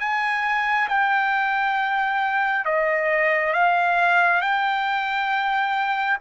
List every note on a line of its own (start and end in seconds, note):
0.00 0.88 G#5
0.89 2.65 G5
2.66 3.53 D#5
3.53 4.41 F5
4.41 6.18 G5